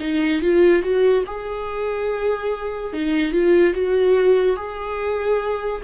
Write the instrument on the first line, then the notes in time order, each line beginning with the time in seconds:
viola
0.00 D#4
0.42 F4
0.82 F#4
1.27 G#4
2.93 D#4
3.32 F4
3.73 F#4
4.56 G#4